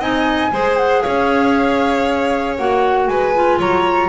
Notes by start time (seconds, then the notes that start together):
0.00 C4 D#4 D#5 G#5
0.52 G#3 G#4 C5
0.78 F#5
1.02 C#4 C#5 F5
2.57 A#3 F#4 F#5
3.08 G#3 B4 G#5
3.35 F4
3.59 F#3 C#5 A#5